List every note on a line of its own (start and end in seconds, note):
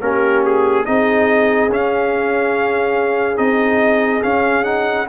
0.00 0.85 A#3
0.00 0.85 C#4
0.00 0.86 G4
0.00 0.42 A#4
0.44 0.85 G#4
0.85 1.68 C4
0.85 1.69 D#4
0.85 5.08 G#4
0.85 1.70 D#5
1.68 3.37 C#4
1.68 3.36 C#4
1.68 3.37 F5
3.36 4.22 C4
3.36 4.20 D#4
3.36 4.22 D#5
4.22 5.08 C#4
4.22 4.63 C#4
4.22 4.64 F5
4.63 5.05 D#4
4.63 5.06 F#5